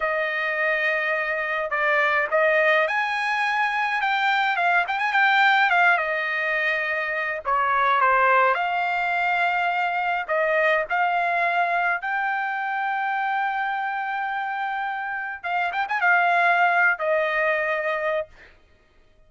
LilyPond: \new Staff \with { instrumentName = "trumpet" } { \time 4/4 \tempo 4 = 105 dis''2. d''4 | dis''4 gis''2 g''4 | f''8 g''16 gis''16 g''4 f''8 dis''4.~ | dis''4 cis''4 c''4 f''4~ |
f''2 dis''4 f''4~ | f''4 g''2.~ | g''2. f''8 g''16 gis''16 | f''4.~ f''16 dis''2~ dis''16 | }